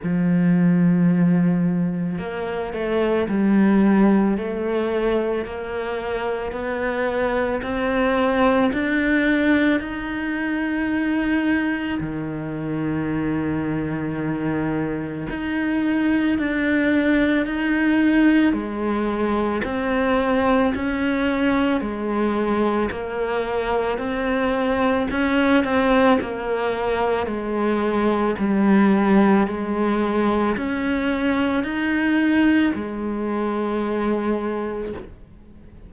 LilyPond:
\new Staff \with { instrumentName = "cello" } { \time 4/4 \tempo 4 = 55 f2 ais8 a8 g4 | a4 ais4 b4 c'4 | d'4 dis'2 dis4~ | dis2 dis'4 d'4 |
dis'4 gis4 c'4 cis'4 | gis4 ais4 c'4 cis'8 c'8 | ais4 gis4 g4 gis4 | cis'4 dis'4 gis2 | }